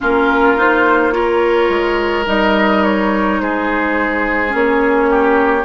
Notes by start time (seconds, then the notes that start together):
0.00 A#3 C#4 F4 A#4
0.56 D#4 C5
1.11 F4 A#4 C#5
1.69 G#3
2.25 G3 D#4 D#5
2.83 C#5
3.40 G#3 G#4 C5
4.49 A#3 C#4
4.55 C#5
5.10 G4